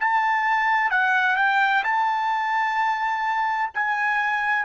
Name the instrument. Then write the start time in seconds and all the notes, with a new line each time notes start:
trumpet
0.00 A5
0.91 F#5
1.36 G5
1.84 A5
3.75 G#5